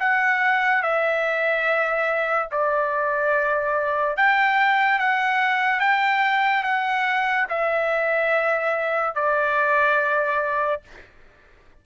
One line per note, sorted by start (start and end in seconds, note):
0.00 0.83 F#5
0.83 2.50 E5
2.52 4.17 D5
4.17 4.99 G5
4.99 5.80 F#5
5.80 6.64 G5
6.64 7.47 F#5
7.50 9.16 E5
9.16 10.82 D5